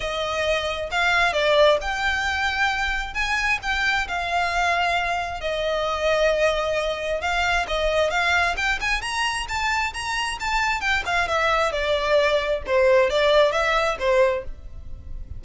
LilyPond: \new Staff \with { instrumentName = "violin" } { \time 4/4 \tempo 4 = 133 dis''2 f''4 d''4 | g''2. gis''4 | g''4 f''2. | dis''1 |
f''4 dis''4 f''4 g''8 gis''8 | ais''4 a''4 ais''4 a''4 | g''8 f''8 e''4 d''2 | c''4 d''4 e''4 c''4 | }